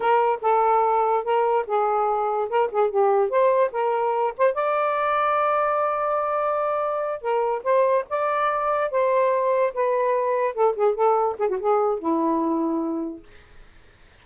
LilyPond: \new Staff \with { instrumentName = "saxophone" } { \time 4/4 \tempo 4 = 145 ais'4 a'2 ais'4 | gis'2 ais'8 gis'8 g'4 | c''4 ais'4. c''8 d''4~ | d''1~ |
d''4. ais'4 c''4 d''8~ | d''4. c''2 b'8~ | b'4. a'8 gis'8 a'4 gis'16 fis'16 | gis'4 e'2. | }